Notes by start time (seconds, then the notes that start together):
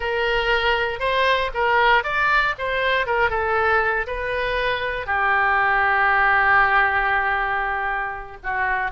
0.00 A#4
0.99 C5
1.54 A#4
2.03 D5
2.58 C5
3.06 A#4
3.30 A4
4.07 B4
5.06 G4
8.43 F#4